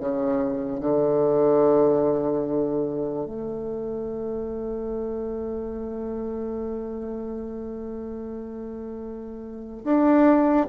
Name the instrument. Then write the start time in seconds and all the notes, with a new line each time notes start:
bassoon
0.00 C#3
0.81 D3
3.26 A3
9.84 D4